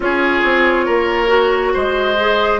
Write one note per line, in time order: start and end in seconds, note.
0.00 0.41 C#4
0.00 1.27 F4
0.00 0.85 G#4
0.00 1.75 C#5
0.44 0.87 C4
0.85 1.74 A#3
0.85 1.72 A#4
1.27 2.14 F#4
1.73 2.59 G#3
1.73 2.59 C5
1.73 2.59 D#5
2.20 2.59 G#4